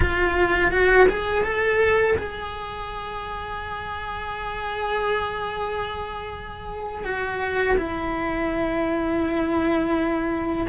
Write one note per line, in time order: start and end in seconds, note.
0.00 0.71 F4
0.71 1.07 F#4
1.08 1.44 G#4
1.44 2.16 A4
2.17 7.04 G#4
7.04 7.76 F#4
7.77 10.66 E4